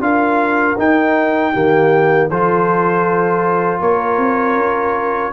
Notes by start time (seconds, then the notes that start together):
0.00 D4 F4 A#4 F5
0.78 D#4 G5
1.53 D#3 A#3 G4
2.29 F3 F4 A4 C5
3.80 A#3 A#4 C#5
4.18 C4
4.56 C#4